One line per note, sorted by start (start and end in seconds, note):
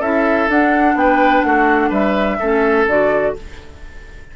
0.00 0.48 C#4
0.00 0.50 E4
0.00 0.95 A4
0.00 0.49 E5
0.49 0.95 D4
0.49 2.40 D4
0.49 0.98 F#5
0.95 1.43 B3
0.95 1.47 B4
0.95 1.42 G5
1.42 1.91 A3
1.42 1.90 F#4
1.42 1.90 F#5
1.90 2.38 G3
1.90 2.37 B4
1.90 2.88 E5
2.40 2.87 A3
2.40 2.89 C#4
2.40 3.35 A4
2.87 3.35 D3
2.87 3.37 F#4
2.87 3.36 D5